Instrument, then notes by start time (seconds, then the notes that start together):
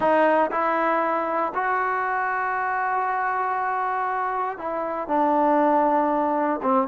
trombone
0.00 D#4
0.51 E4
1.54 F#4
4.58 E4
5.08 D4
6.62 C4